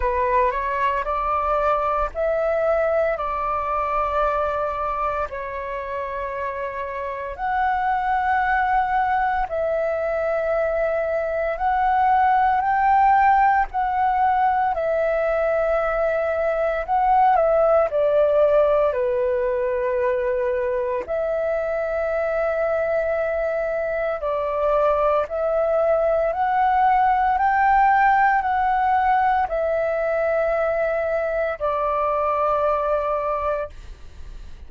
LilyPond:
\new Staff \with { instrumentName = "flute" } { \time 4/4 \tempo 4 = 57 b'8 cis''8 d''4 e''4 d''4~ | d''4 cis''2 fis''4~ | fis''4 e''2 fis''4 | g''4 fis''4 e''2 |
fis''8 e''8 d''4 b'2 | e''2. d''4 | e''4 fis''4 g''4 fis''4 | e''2 d''2 | }